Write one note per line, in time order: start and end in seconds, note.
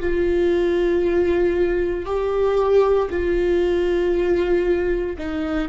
0.00 2.05 F4
2.05 3.09 G4
3.10 5.17 F4
5.18 5.68 D#4